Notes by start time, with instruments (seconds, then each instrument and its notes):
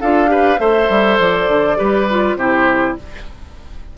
0.00 bassoon D4, clarinet F4, oboe A4, flute F5
0.27 clarinet G4, oboe B4
0.59 bassoon A3, clarinet A4, oboe C5, flute E5
0.89 bassoon G3
1.19 bassoon F3, flute D5
1.48 bassoon D3
1.76 bassoon G3, clarinet G4, oboe B4
2.10 clarinet F4
2.35 bassoon C3, clarinet E4, oboe G4, flute C5